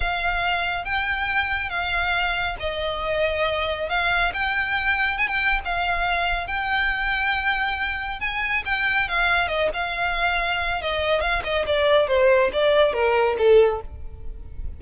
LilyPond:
\new Staff \with { instrumentName = "violin" } { \time 4/4 \tempo 4 = 139 f''2 g''2 | f''2 dis''2~ | dis''4 f''4 g''2 | gis''16 g''8. f''2 g''4~ |
g''2. gis''4 | g''4 f''4 dis''8 f''4.~ | f''4 dis''4 f''8 dis''8 d''4 | c''4 d''4 ais'4 a'4 | }